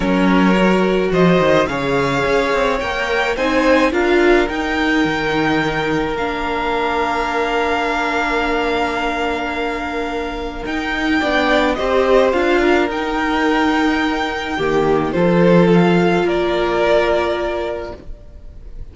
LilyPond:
<<
  \new Staff \with { instrumentName = "violin" } { \time 4/4 \tempo 4 = 107 cis''2 dis''4 f''4~ | f''4 g''4 gis''4 f''4 | g''2. f''4~ | f''1~ |
f''2. g''4~ | g''4 dis''4 f''4 g''4~ | g''2. c''4 | f''4 d''2. | }
  \new Staff \with { instrumentName = "violin" } { \time 4/4 ais'2 c''4 cis''4~ | cis''2 c''4 ais'4~ | ais'1~ | ais'1~ |
ais'1 | d''4 c''4. ais'4.~ | ais'2 g'4 a'4~ | a'4 ais'2. | }
  \new Staff \with { instrumentName = "viola" } { \time 4/4 cis'4 fis'2 gis'4~ | gis'4 ais'4 dis'4 f'4 | dis'2. d'4~ | d'1~ |
d'2. dis'4 | d'4 g'4 f'4 dis'4~ | dis'2 ais4 f'4~ | f'1 | }
  \new Staff \with { instrumentName = "cello" } { \time 4/4 fis2 f8 dis8 cis4 | cis'8 c'8 ais4 c'4 d'4 | dis'4 dis2 ais4~ | ais1~ |
ais2. dis'4 | b4 c'4 d'4 dis'4~ | dis'2 dis4 f4~ | f4 ais2. | }
>>